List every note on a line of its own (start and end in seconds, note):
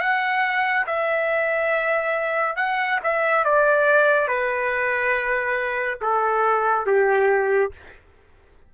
0.00 0.86 F#5
0.86 2.56 E5
2.56 2.99 F#5
3.04 3.45 E5
3.45 4.27 D5
4.27 5.99 B4
6.02 6.86 A4
6.86 7.72 G4